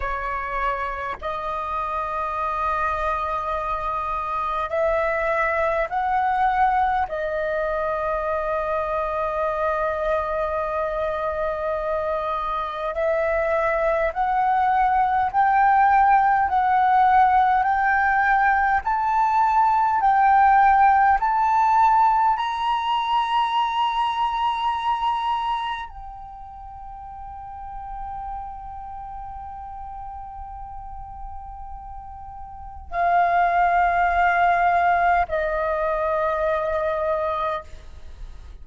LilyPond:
\new Staff \with { instrumentName = "flute" } { \time 4/4 \tempo 4 = 51 cis''4 dis''2. | e''4 fis''4 dis''2~ | dis''2. e''4 | fis''4 g''4 fis''4 g''4 |
a''4 g''4 a''4 ais''4~ | ais''2 g''2~ | g''1 | f''2 dis''2 | }